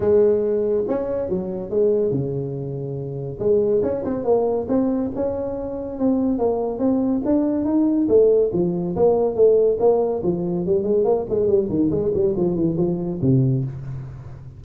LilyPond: \new Staff \with { instrumentName = "tuba" } { \time 4/4 \tempo 4 = 141 gis2 cis'4 fis4 | gis4 cis2. | gis4 cis'8 c'8 ais4 c'4 | cis'2 c'4 ais4 |
c'4 d'4 dis'4 a4 | f4 ais4 a4 ais4 | f4 g8 gis8 ais8 gis8 g8 dis8 | gis8 g8 f8 e8 f4 c4 | }